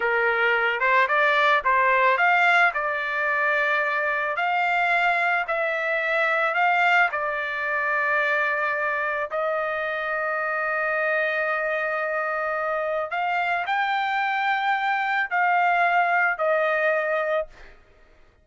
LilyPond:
\new Staff \with { instrumentName = "trumpet" } { \time 4/4 \tempo 4 = 110 ais'4. c''8 d''4 c''4 | f''4 d''2. | f''2 e''2 | f''4 d''2.~ |
d''4 dis''2.~ | dis''1 | f''4 g''2. | f''2 dis''2 | }